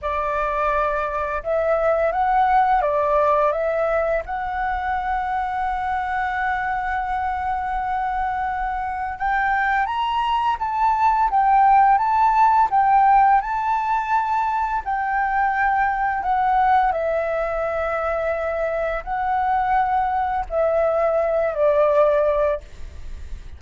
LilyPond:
\new Staff \with { instrumentName = "flute" } { \time 4/4 \tempo 4 = 85 d''2 e''4 fis''4 | d''4 e''4 fis''2~ | fis''1~ | fis''4 g''4 ais''4 a''4 |
g''4 a''4 g''4 a''4~ | a''4 g''2 fis''4 | e''2. fis''4~ | fis''4 e''4. d''4. | }